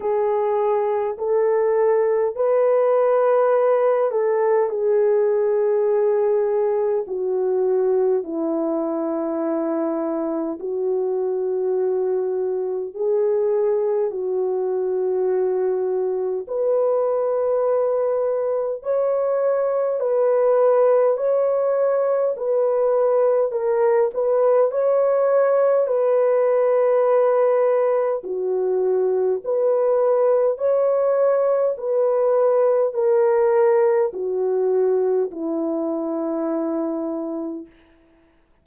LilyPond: \new Staff \with { instrumentName = "horn" } { \time 4/4 \tempo 4 = 51 gis'4 a'4 b'4. a'8 | gis'2 fis'4 e'4~ | e'4 fis'2 gis'4 | fis'2 b'2 |
cis''4 b'4 cis''4 b'4 | ais'8 b'8 cis''4 b'2 | fis'4 b'4 cis''4 b'4 | ais'4 fis'4 e'2 | }